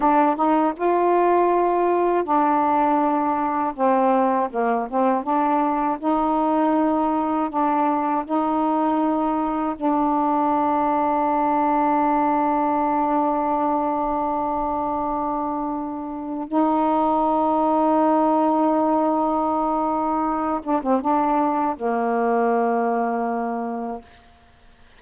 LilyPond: \new Staff \with { instrumentName = "saxophone" } { \time 4/4 \tempo 4 = 80 d'8 dis'8 f'2 d'4~ | d'4 c'4 ais8 c'8 d'4 | dis'2 d'4 dis'4~ | dis'4 d'2.~ |
d'1~ | d'2 dis'2~ | dis'2.~ dis'8 d'16 c'16 | d'4 ais2. | }